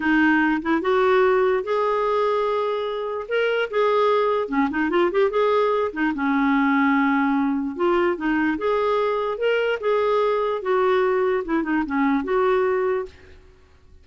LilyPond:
\new Staff \with { instrumentName = "clarinet" } { \time 4/4 \tempo 4 = 147 dis'4. e'8 fis'2 | gis'1 | ais'4 gis'2 cis'8 dis'8 | f'8 g'8 gis'4. dis'8 cis'4~ |
cis'2. f'4 | dis'4 gis'2 ais'4 | gis'2 fis'2 | e'8 dis'8 cis'4 fis'2 | }